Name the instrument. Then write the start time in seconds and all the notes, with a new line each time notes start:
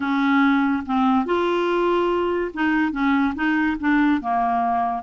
clarinet
0.00 C#4
0.85 C4
1.25 F4
2.54 D#4
2.92 C#4
3.35 D#4
3.80 D4
4.21 A#3